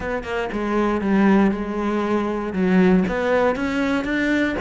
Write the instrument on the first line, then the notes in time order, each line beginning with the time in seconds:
cello
0.00 B3
0.23 A#3
0.52 G#3
1.01 G3
1.51 G#3
2.53 F#3
3.07 B3
3.55 C#4
4.04 D4